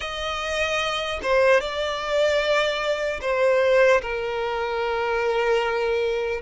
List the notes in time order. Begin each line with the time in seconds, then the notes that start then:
0.00 D#5
1.23 C5
1.60 D5
3.21 C5
4.01 A#4